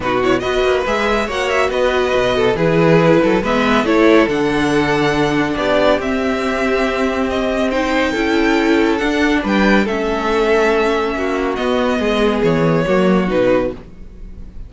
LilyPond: <<
  \new Staff \with { instrumentName = "violin" } { \time 4/4 \tempo 4 = 140 b'8 cis''8 dis''4 e''4 fis''8 e''8 | dis''2 b'2 | e''4 cis''4 fis''2~ | fis''4 d''4 e''2~ |
e''4 dis''4 g''2~ | g''4 fis''4 g''4 e''4~ | e''2. dis''4~ | dis''4 cis''2 b'4 | }
  \new Staff \with { instrumentName = "violin" } { \time 4/4 fis'4 b'2 cis''4 | b'4. a'8 gis'4. a'8 | b'4 a'2.~ | a'4 g'2.~ |
g'2 c''4 a'4~ | a'2 b'4 a'4~ | a'2 fis'2 | gis'2 fis'2 | }
  \new Staff \with { instrumentName = "viola" } { \time 4/4 dis'8 e'8 fis'4 gis'4 fis'4~ | fis'2 e'2 | b4 e'4 d'2~ | d'2 c'2~ |
c'2 dis'4 e'4~ | e'4 d'2 cis'4~ | cis'2. b4~ | b2 ais4 dis'4 | }
  \new Staff \with { instrumentName = "cello" } { \time 4/4 b,4 b8 ais8 gis4 ais4 | b4 b,4 e4. fis8 | gis4 a4 d2~ | d4 b4 c'2~ |
c'2. cis'4~ | cis'4 d'4 g4 a4~ | a2 ais4 b4 | gis4 e4 fis4 b,4 | }
>>